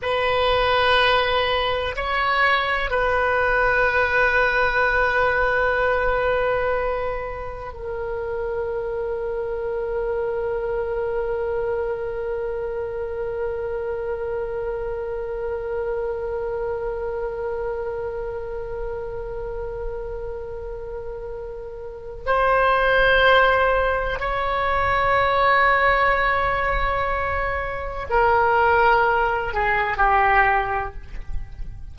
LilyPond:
\new Staff \with { instrumentName = "oboe" } { \time 4/4 \tempo 4 = 62 b'2 cis''4 b'4~ | b'1 | ais'1~ | ais'1~ |
ais'1~ | ais'2. c''4~ | c''4 cis''2.~ | cis''4 ais'4. gis'8 g'4 | }